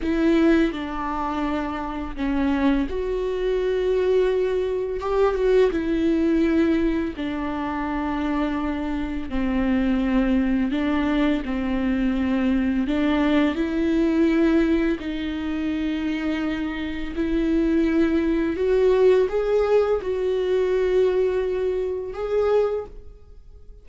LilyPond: \new Staff \with { instrumentName = "viola" } { \time 4/4 \tempo 4 = 84 e'4 d'2 cis'4 | fis'2. g'8 fis'8 | e'2 d'2~ | d'4 c'2 d'4 |
c'2 d'4 e'4~ | e'4 dis'2. | e'2 fis'4 gis'4 | fis'2. gis'4 | }